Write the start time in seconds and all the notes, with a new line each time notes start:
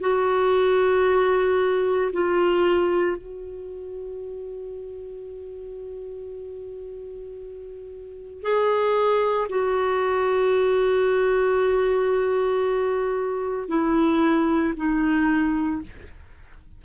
0.00 F#4
2.12 F4
3.16 F#4
8.42 G#4
9.49 F#4
13.68 E4
14.76 D#4